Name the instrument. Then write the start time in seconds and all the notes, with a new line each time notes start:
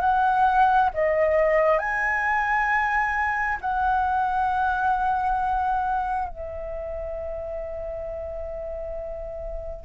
flute
0.00 F#5
0.93 D#5
1.78 G#5
3.61 F#5
6.28 E5